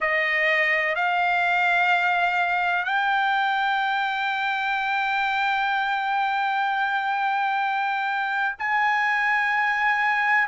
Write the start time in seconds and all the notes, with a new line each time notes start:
0.00 D#5
0.95 F5
2.84 G5
8.58 G#5